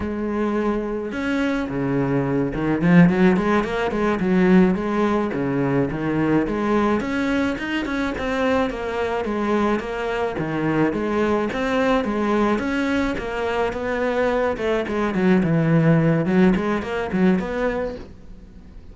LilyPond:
\new Staff \with { instrumentName = "cello" } { \time 4/4 \tempo 4 = 107 gis2 cis'4 cis4~ | cis8 dis8 f8 fis8 gis8 ais8 gis8 fis8~ | fis8 gis4 cis4 dis4 gis8~ | gis8 cis'4 dis'8 cis'8 c'4 ais8~ |
ais8 gis4 ais4 dis4 gis8~ | gis8 c'4 gis4 cis'4 ais8~ | ais8 b4. a8 gis8 fis8 e8~ | e4 fis8 gis8 ais8 fis8 b4 | }